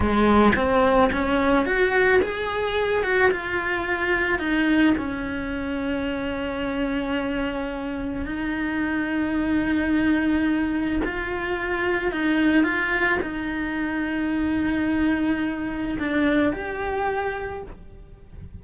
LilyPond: \new Staff \with { instrumentName = "cello" } { \time 4/4 \tempo 4 = 109 gis4 c'4 cis'4 fis'4 | gis'4. fis'8 f'2 | dis'4 cis'2.~ | cis'2. dis'4~ |
dis'1 | f'2 dis'4 f'4 | dis'1~ | dis'4 d'4 g'2 | }